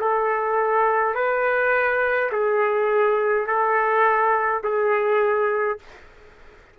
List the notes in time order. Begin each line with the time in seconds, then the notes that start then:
0.00 A4
1.15 B4
2.32 G#4
3.47 A4
4.64 G#4